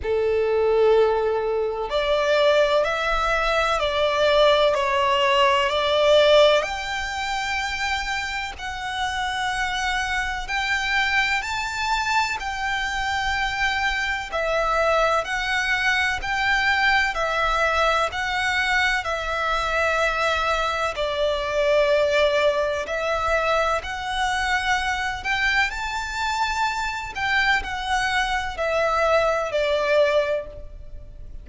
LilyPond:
\new Staff \with { instrumentName = "violin" } { \time 4/4 \tempo 4 = 63 a'2 d''4 e''4 | d''4 cis''4 d''4 g''4~ | g''4 fis''2 g''4 | a''4 g''2 e''4 |
fis''4 g''4 e''4 fis''4 | e''2 d''2 | e''4 fis''4. g''8 a''4~ | a''8 g''8 fis''4 e''4 d''4 | }